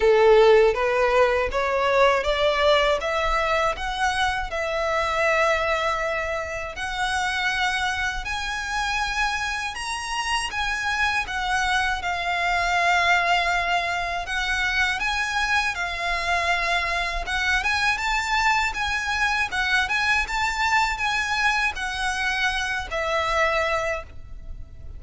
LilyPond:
\new Staff \with { instrumentName = "violin" } { \time 4/4 \tempo 4 = 80 a'4 b'4 cis''4 d''4 | e''4 fis''4 e''2~ | e''4 fis''2 gis''4~ | gis''4 ais''4 gis''4 fis''4 |
f''2. fis''4 | gis''4 f''2 fis''8 gis''8 | a''4 gis''4 fis''8 gis''8 a''4 | gis''4 fis''4. e''4. | }